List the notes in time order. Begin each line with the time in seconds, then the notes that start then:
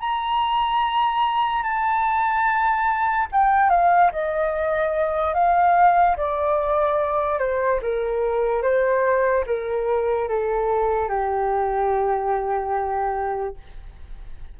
0.00 A#5
1.63 A5
3.32 G5
3.69 F5
4.12 D#5
5.34 F5
6.17 D5
7.39 C5
7.82 A#4
8.62 C5
9.46 A#4
10.29 A4
11.09 G4